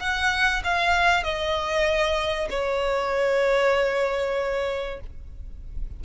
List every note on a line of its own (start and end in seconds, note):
0.00 0.62 F#5
0.64 1.24 F5
1.24 2.49 D#5
2.50 5.00 C#5